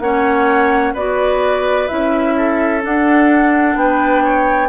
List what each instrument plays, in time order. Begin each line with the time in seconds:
0.00 bassoon A#3, clarinet C#4, oboe C#5, flute F#5
0.94 bassoon B3, clarinet F#4, oboe B4, flute D5
1.88 bassoon C#4, clarinet E4, flute E5
2.37 oboe A4
2.81 clarinet D4, bassoon D4, flute F#5
3.76 bassoon B3, oboe B4, flute G5
4.24 oboe C#5